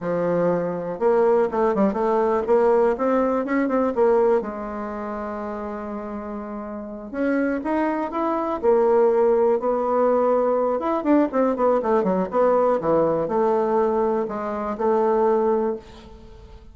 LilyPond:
\new Staff \with { instrumentName = "bassoon" } { \time 4/4 \tempo 4 = 122 f2 ais4 a8 g8 | a4 ais4 c'4 cis'8 c'8 | ais4 gis2.~ | gis2~ gis8 cis'4 dis'8~ |
dis'8 e'4 ais2 b8~ | b2 e'8 d'8 c'8 b8 | a8 fis8 b4 e4 a4~ | a4 gis4 a2 | }